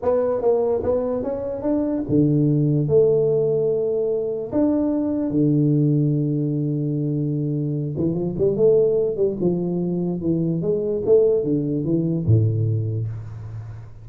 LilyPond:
\new Staff \with { instrumentName = "tuba" } { \time 4/4 \tempo 4 = 147 b4 ais4 b4 cis'4 | d'4 d2 a4~ | a2. d'4~ | d'4 d2.~ |
d2.~ d8 e8 | f8 g8 a4. g8 f4~ | f4 e4 gis4 a4 | d4 e4 a,2 | }